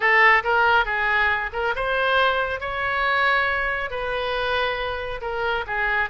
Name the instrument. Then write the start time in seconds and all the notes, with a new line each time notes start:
oboe
0.00 A4
0.43 A#4
0.85 G#4
1.52 A#4
1.75 C5
2.60 C#5
3.90 B4
5.21 A#4
5.66 G#4